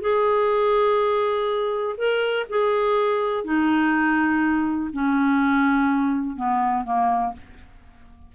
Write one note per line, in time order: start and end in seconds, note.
0.00 1.95 G#4
1.97 2.46 A#4
2.49 3.44 G#4
3.44 4.90 D#4
4.92 6.36 C#4
6.36 6.84 B3
6.84 7.32 A#3